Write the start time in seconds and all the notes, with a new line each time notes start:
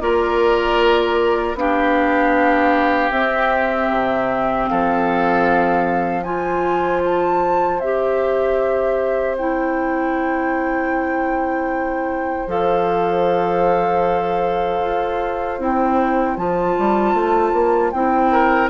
0.00 A#3 F4 A#4 D5
1.54 B3 D4 G4 F5
3.11 C4 E5
3.90 C3
4.67 F3 A4 F5
6.22 F4 C5 G#5
7.04 A5
7.79 C4 G4 E5
9.37 E4 G5
12.47 F3 A4 F5
14.81 F4
15.59 C4 E4 G5
16.36 F3 F4 A5
16.78 G3
17.13 A3
17.53 A#3
17.90 C4 E4 G5
18.31 A#4